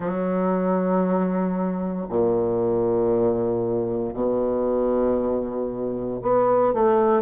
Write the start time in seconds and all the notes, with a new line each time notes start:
0.00 F#3
2.09 A#2
4.13 B2
6.22 B3
6.73 A3